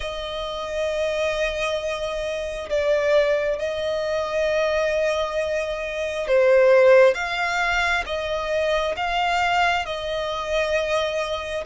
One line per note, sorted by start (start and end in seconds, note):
0.00 2.69 D#5
2.69 3.58 D5
3.58 6.27 D#5
6.27 7.14 C5
7.14 8.04 F5
8.06 8.95 D#5
8.96 9.85 F5
9.85 11.64 D#5